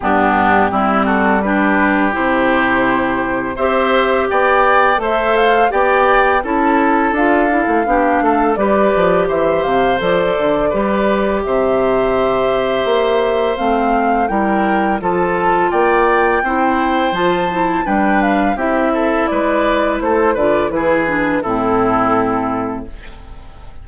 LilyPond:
<<
  \new Staff \with { instrumentName = "flute" } { \time 4/4 \tempo 4 = 84 g'4. a'8 b'4 c''4~ | c''4 e''4 g''4 e''8 f''8 | g''4 a''4 f''2 | d''4 e''8 f''8 d''2 |
e''2. f''4 | g''4 a''4 g''2 | a''4 g''8 f''8 e''4 d''4 | c''8 d''8 b'4 a'2 | }
  \new Staff \with { instrumentName = "oboe" } { \time 4/4 d'4 e'8 fis'8 g'2~ | g'4 c''4 d''4 c''4 | d''4 a'2 g'8 a'8 | b'4 c''2 b'4 |
c''1 | ais'4 a'4 d''4 c''4~ | c''4 b'4 g'8 a'8 b'4 | a'8 b'8 gis'4 e'2 | }
  \new Staff \with { instrumentName = "clarinet" } { \time 4/4 b4 c'4 d'4 e'4~ | e'4 g'2 a'4 | g'4 e'4 f'8 e'8 d'4 | g'2 a'4 g'4~ |
g'2. c'4 | e'4 f'2 e'4 | f'8 e'8 d'4 e'2~ | e'8 f'8 e'8 d'8 c'2 | }
  \new Staff \with { instrumentName = "bassoon" } { \time 4/4 g,4 g2 c4~ | c4 c'4 b4 a4 | b4 cis'4 d'8. a16 b8 a8 | g8 f8 e8 c8 f8 d8 g4 |
c2 ais4 a4 | g4 f4 ais4 c'4 | f4 g4 c'4 gis4 | a8 d8 e4 a,2 | }
>>